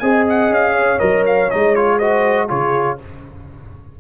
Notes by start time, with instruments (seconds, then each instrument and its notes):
0.00 tuba C4, trombone G#4, horn D#5, trumpet G#5
0.29 trumpet F#5
0.50 tuba C#4, trumpet F5
0.73 horn C#5
0.99 tuba F#3, trombone A#4, trumpet D#5
1.27 trumpet F5
1.51 tuba G#3, trombone D#4, trumpet D#5
1.75 trombone F4, trumpet C#5
1.98 trombone F#4, horn C5, trumpet D#5
2.48 tuba C#3, trombone F4, horn G#4, trumpet C#5